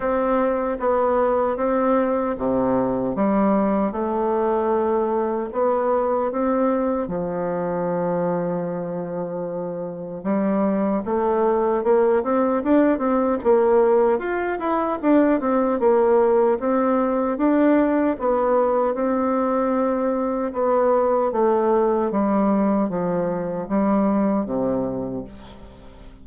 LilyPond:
\new Staff \with { instrumentName = "bassoon" } { \time 4/4 \tempo 4 = 76 c'4 b4 c'4 c4 | g4 a2 b4 | c'4 f2.~ | f4 g4 a4 ais8 c'8 |
d'8 c'8 ais4 f'8 e'8 d'8 c'8 | ais4 c'4 d'4 b4 | c'2 b4 a4 | g4 f4 g4 c4 | }